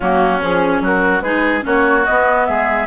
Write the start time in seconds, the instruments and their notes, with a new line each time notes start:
0.00 bassoon F#3, clarinet A#3, oboe C#4, flute F#4
0.40 bassoon F3, clarinet C#4, flute G#4
0.80 bassoon F#3, oboe F#4, flute A#4
1.21 bassoon G#3, clarinet D#4, oboe G#4, flute B4
1.61 bassoon A#3, clarinet C#4, oboe F#4, flute C#5
2.05 bassoon B3, clarinet B3, flute D#5
2.45 bassoon G#3, oboe G#4, flute E5